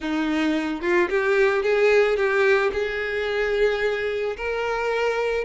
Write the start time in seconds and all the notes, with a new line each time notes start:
0.00 D#4
0.81 F4
1.09 G4
1.62 G#4
2.16 G4
2.72 G#4
4.36 A#4